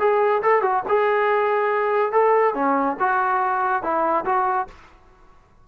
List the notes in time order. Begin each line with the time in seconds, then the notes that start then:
0.00 G#4
0.42 A4
0.62 F#4
0.89 G#4
2.12 A4
2.54 C#4
3.00 F#4
3.83 E4
4.25 F#4